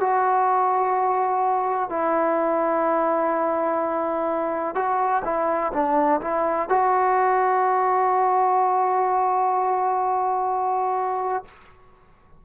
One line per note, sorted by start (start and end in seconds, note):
0.00 1.89 F#4
1.89 4.75 E4
4.75 5.23 F#4
5.24 5.72 E4
5.73 6.20 D4
6.21 6.69 E4
6.69 11.45 F#4